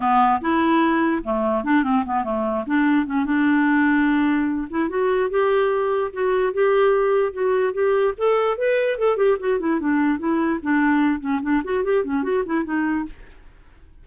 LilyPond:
\new Staff \with { instrumentName = "clarinet" } { \time 4/4 \tempo 4 = 147 b4 e'2 a4 | d'8 c'8 b8 a4 d'4 cis'8 | d'2.~ d'8 e'8 | fis'4 g'2 fis'4 |
g'2 fis'4 g'4 | a'4 b'4 a'8 g'8 fis'8 e'8 | d'4 e'4 d'4. cis'8 | d'8 fis'8 g'8 cis'8 fis'8 e'8 dis'4 | }